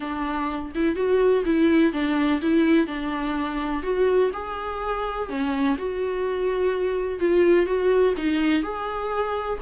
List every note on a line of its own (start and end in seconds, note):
0.00 0.72 D4
0.75 0.95 E4
0.95 1.43 F#4
1.45 1.92 E4
1.92 2.40 D4
2.41 2.86 E4
2.86 3.82 D4
3.83 4.31 F#4
4.33 5.29 G#4
5.29 5.77 C#4
5.78 7.19 F#4
7.19 7.65 F4
7.65 8.13 F#4
8.17 8.62 D#4
8.62 9.58 G#4